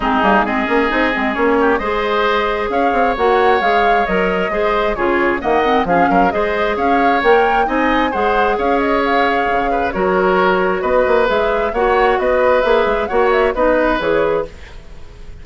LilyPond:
<<
  \new Staff \with { instrumentName = "flute" } { \time 4/4 \tempo 4 = 133 gis'4 dis''2 cis''4 | dis''2 f''4 fis''4 | f''4 dis''2 cis''4 | fis''4 f''4 dis''4 f''4 |
g''4 gis''4 fis''4 f''8 dis''8 | f''2 cis''2 | dis''4 e''4 fis''4 dis''4 | e''4 fis''8 e''8 dis''4 cis''4 | }
  \new Staff \with { instrumentName = "oboe" } { \time 4/4 dis'4 gis'2~ gis'8 g'8 | c''2 cis''2~ | cis''2 c''4 gis'4 | dis''4 gis'8 ais'8 c''4 cis''4~ |
cis''4 dis''4 c''4 cis''4~ | cis''4. b'8 ais'2 | b'2 cis''4 b'4~ | b'4 cis''4 b'2 | }
  \new Staff \with { instrumentName = "clarinet" } { \time 4/4 c'8 ais8 c'8 cis'8 dis'8 c'8 cis'4 | gis'2. fis'4 | gis'4 ais'4 gis'4 f'4 | ais8 c'8 cis'4 gis'2 |
ais'4 dis'4 gis'2~ | gis'2 fis'2~ | fis'4 gis'4 fis'2 | gis'4 fis'4 dis'4 gis'4 | }
  \new Staff \with { instrumentName = "bassoon" } { \time 4/4 gis8 g8 gis8 ais8 c'8 gis8 ais4 | gis2 cis'8 c'8 ais4 | gis4 fis4 gis4 cis4 | dis4 f8 fis8 gis4 cis'4 |
ais4 c'4 gis4 cis'4~ | cis'4 cis4 fis2 | b8 ais8 gis4 ais4 b4 | ais8 gis8 ais4 b4 e4 | }
>>